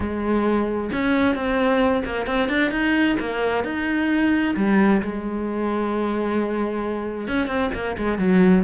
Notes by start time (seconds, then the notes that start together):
0.00 G#3
0.92 C#4
1.35 C4
2.05 A#3
2.26 C4
2.49 D4
2.71 D#4
3.19 A#3
3.64 D#4
4.56 G3
5.01 G#3
7.27 C#4
7.47 C4
7.74 A#3
7.97 G#3
8.18 F#3